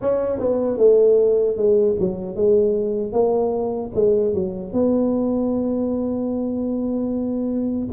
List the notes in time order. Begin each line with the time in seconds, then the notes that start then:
0.01 C#4
0.39 B3
0.77 A3
1.56 G#3
2.00 F#3
2.35 G#3
3.12 A#3
3.94 G#3
4.33 F#3
4.72 B3